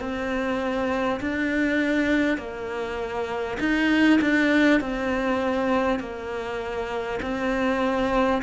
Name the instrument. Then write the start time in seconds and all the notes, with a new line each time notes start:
cello
0.00 C4
1.20 D4
2.37 A#3
3.59 D#4
4.21 D4
4.80 C4
5.99 A#3
7.22 C4